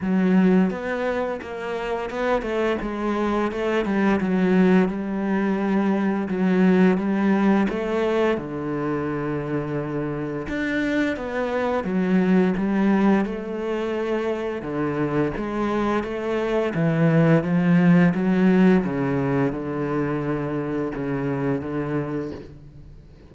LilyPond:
\new Staff \with { instrumentName = "cello" } { \time 4/4 \tempo 4 = 86 fis4 b4 ais4 b8 a8 | gis4 a8 g8 fis4 g4~ | g4 fis4 g4 a4 | d2. d'4 |
b4 fis4 g4 a4~ | a4 d4 gis4 a4 | e4 f4 fis4 cis4 | d2 cis4 d4 | }